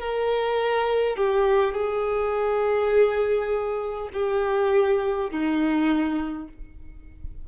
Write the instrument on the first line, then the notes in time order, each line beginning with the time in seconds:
violin
0.00 A#4
1.17 G4
1.74 G#4
4.13 G4
5.30 D#4